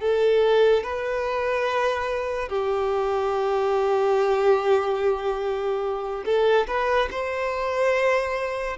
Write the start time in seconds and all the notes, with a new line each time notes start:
0.00 A4
0.83 B4
2.49 G4
6.25 A4
6.67 B4
7.11 C5